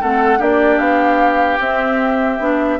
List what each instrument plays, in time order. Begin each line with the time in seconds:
0.00 bassoon A3, clarinet C4, oboe A4, flute F#5
0.38 bassoon A#3, clarinet D4, oboe G4, flute D5
0.78 bassoon B3, flute F5
1.59 bassoon C4, clarinet C4, flute E5
2.39 bassoon B3, clarinet D4